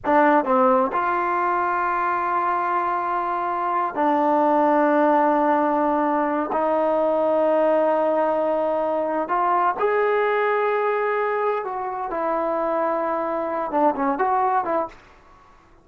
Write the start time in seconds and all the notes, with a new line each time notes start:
0.05 D4
0.44 C4
0.92 F4
3.94 D4
6.52 D#4
9.28 F4
9.79 G#4
11.64 F#4
12.10 E4
13.71 D4
13.95 C#4
14.18 F#4
14.64 E4